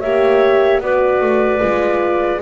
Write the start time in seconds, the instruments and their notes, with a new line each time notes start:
0.00 double bass A#3, horn G4, clarinet C#5, flute E5
0.81 double bass B3, horn F#4, clarinet B4, flute D5
1.21 double bass A3
1.59 double bass G#3, horn F4